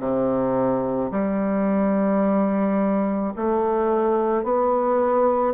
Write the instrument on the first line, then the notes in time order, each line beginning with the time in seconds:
bassoon
0.00 C3
1.12 G3
3.36 A3
4.44 B3